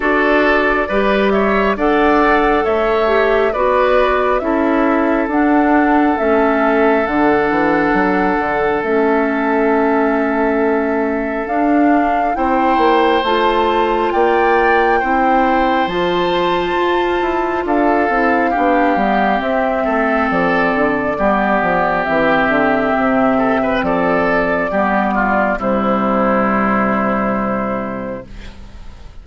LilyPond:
<<
  \new Staff \with { instrumentName = "flute" } { \time 4/4 \tempo 4 = 68 d''4. e''8 fis''4 e''4 | d''4 e''4 fis''4 e''4 | fis''2 e''2~ | e''4 f''4 g''4 a''4 |
g''2 a''2 | f''2 e''4 d''4~ | d''4 e''2 d''4~ | d''4 c''2. | }
  \new Staff \with { instrumentName = "oboe" } { \time 4/4 a'4 b'8 cis''8 d''4 cis''4 | b'4 a'2.~ | a'1~ | a'2 c''2 |
d''4 c''2. | a'4 g'4. a'4. | g'2~ g'8 a'16 b'16 a'4 | g'8 f'8 e'2. | }
  \new Staff \with { instrumentName = "clarinet" } { \time 4/4 fis'4 g'4 a'4. g'8 | fis'4 e'4 d'4 cis'4 | d'2 cis'2~ | cis'4 d'4 e'4 f'4~ |
f'4 e'4 f'2~ | f'8 e'8 d'8 b8 c'2 | b4 c'2. | b4 g2. | }
  \new Staff \with { instrumentName = "bassoon" } { \time 4/4 d'4 g4 d'4 a4 | b4 cis'4 d'4 a4 | d8 e8 fis8 d8 a2~ | a4 d'4 c'8 ais8 a4 |
ais4 c'4 f4 f'8 e'8 | d'8 c'8 b8 g8 c'8 a8 f8 d8 | g8 f8 e8 d8 c4 f4 | g4 c2. | }
>>